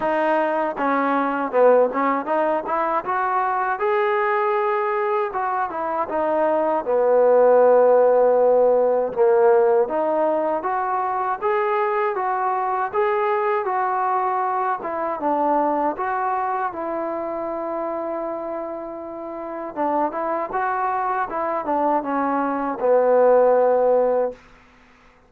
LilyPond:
\new Staff \with { instrumentName = "trombone" } { \time 4/4 \tempo 4 = 79 dis'4 cis'4 b8 cis'8 dis'8 e'8 | fis'4 gis'2 fis'8 e'8 | dis'4 b2. | ais4 dis'4 fis'4 gis'4 |
fis'4 gis'4 fis'4. e'8 | d'4 fis'4 e'2~ | e'2 d'8 e'8 fis'4 | e'8 d'8 cis'4 b2 | }